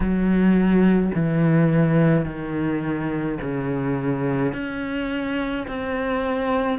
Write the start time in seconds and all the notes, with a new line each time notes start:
0.00 F#3
1.14 E3
2.25 D#3
3.41 C#3
4.53 C#4
5.67 C4